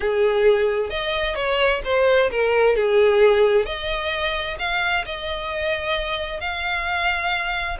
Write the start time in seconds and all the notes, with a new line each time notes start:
0.00 G#4
0.90 D#5
1.35 C#5
1.84 C5
2.30 A#4
2.75 G#4
3.65 D#5
4.58 F5
5.05 D#5
6.40 F5